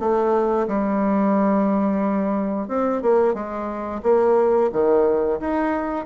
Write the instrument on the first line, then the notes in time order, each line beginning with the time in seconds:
bassoon
0.00 A3
0.68 G3
2.68 C4
3.02 A#3
3.34 G#3
4.03 A#3
4.73 D#3
5.40 D#4